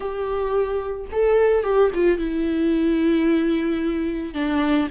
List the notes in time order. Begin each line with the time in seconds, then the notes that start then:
0.00 G4
1.12 A4
1.63 G4
1.94 F4
2.18 E4
4.34 D4